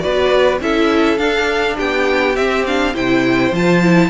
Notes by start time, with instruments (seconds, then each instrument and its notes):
0.00 cello B3, viola F#4, violin B4 D5
0.61 cello C#4, viola E4, violin A4 E5
1.17 cello D4, viola D4, violin F5
1.76 cello B3, violin G4 G5
2.36 viola C4, cello C4, violin E5
2.66 viola D4, violin F5
2.94 cello C3, viola E4, violin C5 G5
3.51 cello F3, viola F4, violin A5
3.83 viola E4